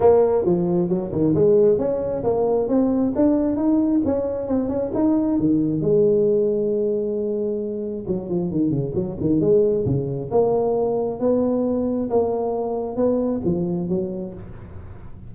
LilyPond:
\new Staff \with { instrumentName = "tuba" } { \time 4/4 \tempo 4 = 134 ais4 f4 fis8 dis8 gis4 | cis'4 ais4 c'4 d'4 | dis'4 cis'4 c'8 cis'8 dis'4 | dis4 gis2.~ |
gis2 fis8 f8 dis8 cis8 | fis8 dis8 gis4 cis4 ais4~ | ais4 b2 ais4~ | ais4 b4 f4 fis4 | }